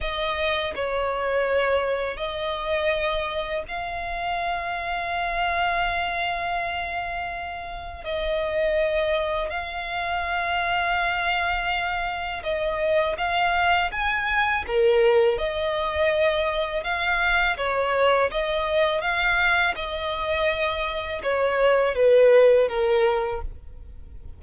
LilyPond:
\new Staff \with { instrumentName = "violin" } { \time 4/4 \tempo 4 = 82 dis''4 cis''2 dis''4~ | dis''4 f''2.~ | f''2. dis''4~ | dis''4 f''2.~ |
f''4 dis''4 f''4 gis''4 | ais'4 dis''2 f''4 | cis''4 dis''4 f''4 dis''4~ | dis''4 cis''4 b'4 ais'4 | }